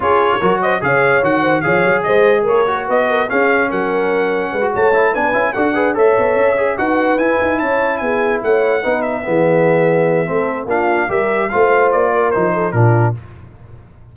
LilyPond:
<<
  \new Staff \with { instrumentName = "trumpet" } { \time 4/4 \tempo 4 = 146 cis''4. dis''8 f''4 fis''4 | f''4 dis''4 cis''4 dis''4 | f''4 fis''2~ fis''8 a''8~ | a''8 gis''4 fis''4 e''4.~ |
e''8 fis''4 gis''4 a''4 gis''8~ | gis''8 fis''4. e''2~ | e''2 f''4 e''4 | f''4 d''4 c''4 ais'4 | }
  \new Staff \with { instrumentName = "horn" } { \time 4/4 gis'4 ais'8 c''8 cis''4. c''8 | cis''4 c''4 ais'4 b'8 ais'8 | gis'4 ais'2 b'8 cis''8~ | cis''8 b'4 a'8 b'8 cis''4.~ |
cis''8 b'2 cis''4 gis'8~ | gis'8 cis''4 b'4 gis'4.~ | gis'4 a'4 f'4 ais'4 | c''4. ais'4 a'8 f'4 | }
  \new Staff \with { instrumentName = "trombone" } { \time 4/4 f'4 fis'4 gis'4 fis'4 | gis'2~ gis'8 fis'4. | cis'2.~ cis'16 fis'8. | e'8 d'8 e'8 fis'8 gis'8 a'4. |
gis'8 fis'4 e'2~ e'8~ | e'4. dis'4 b4.~ | b4 c'4 d'4 g'4 | f'2 dis'4 d'4 | }
  \new Staff \with { instrumentName = "tuba" } { \time 4/4 cis'4 fis4 cis4 dis4 | f8 fis8 gis4 ais4 b4 | cis'4 fis2 gis8 a8~ | a8 b8 cis'8 d'4 a8 b8 cis'8~ |
cis'8 dis'4 e'8 dis'8 cis'4 b8~ | b8 a4 b4 e4.~ | e4 a4 ais4 g4 | a4 ais4 f4 ais,4 | }
>>